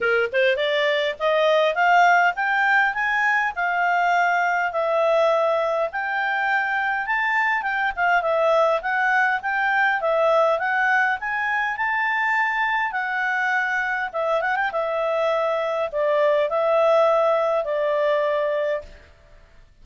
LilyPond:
\new Staff \with { instrumentName = "clarinet" } { \time 4/4 \tempo 4 = 102 ais'8 c''8 d''4 dis''4 f''4 | g''4 gis''4 f''2 | e''2 g''2 | a''4 g''8 f''8 e''4 fis''4 |
g''4 e''4 fis''4 gis''4 | a''2 fis''2 | e''8 fis''16 g''16 e''2 d''4 | e''2 d''2 | }